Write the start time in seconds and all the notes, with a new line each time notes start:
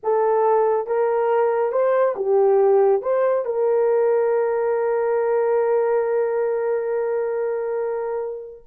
0.03 A4
0.86 A#4
1.71 C5
2.15 G4
3.02 C5
3.45 A#4